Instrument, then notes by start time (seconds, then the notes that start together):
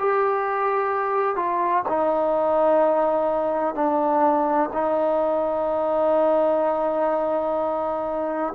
trombone
0.00 G4
1.36 F4
1.89 D#4
3.75 D4
4.74 D#4